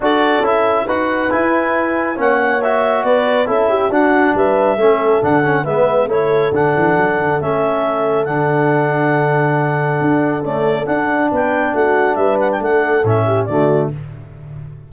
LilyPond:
<<
  \new Staff \with { instrumentName = "clarinet" } { \time 4/4 \tempo 4 = 138 d''4 e''4 fis''4 gis''4~ | gis''4 fis''4 e''4 d''4 | e''4 fis''4 e''2 | fis''4 e''4 cis''4 fis''4~ |
fis''4 e''2 fis''4~ | fis''1 | d''4 fis''4 g''4 fis''4 | e''8 fis''16 g''16 fis''4 e''4 d''4 | }
  \new Staff \with { instrumentName = "horn" } { \time 4/4 a'2 b'2~ | b'4 cis''2 b'4 | a'8 g'8 fis'4 b'4 a'4~ | a'4 b'4 a'2~ |
a'1~ | a'1~ | a'2 b'4 fis'4 | b'4 a'4. g'8 fis'4 | }
  \new Staff \with { instrumentName = "trombone" } { \time 4/4 fis'4 e'4 fis'4 e'4~ | e'4 cis'4 fis'2 | e'4 d'2 cis'4 | d'8 cis'8 b4 e'4 d'4~ |
d'4 cis'2 d'4~ | d'1 | a4 d'2.~ | d'2 cis'4 a4 | }
  \new Staff \with { instrumentName = "tuba" } { \time 4/4 d'4 cis'4 dis'4 e'4~ | e'4 ais2 b4 | cis'4 d'4 g4 a4 | d4 gis4 a4 d8 e8 |
fis8 d8 a2 d4~ | d2. d'4 | cis'4 d'4 b4 a4 | g4 a4 a,4 d4 | }
>>